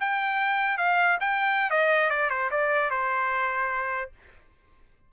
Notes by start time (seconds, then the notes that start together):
0.00 G5
0.78 F5
1.20 G5
1.70 D#5
2.10 D5
2.30 C5
2.51 D5
2.90 C5